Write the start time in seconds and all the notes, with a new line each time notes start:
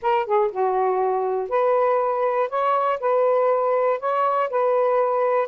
0.01 A#4
0.25 G#4
0.51 F#4
1.49 B4
2.49 C#5
3.00 B4
3.99 C#5
4.50 B4